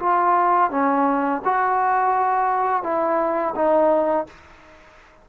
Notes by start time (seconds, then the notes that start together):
0.00 F4
0.71 C#4
1.45 F#4
2.83 E4
3.56 D#4